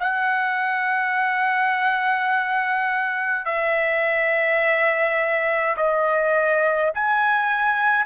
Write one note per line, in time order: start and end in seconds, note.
0.00 3.46 F#5
3.46 5.76 E5
5.77 6.92 D#5
6.94 8.06 G#5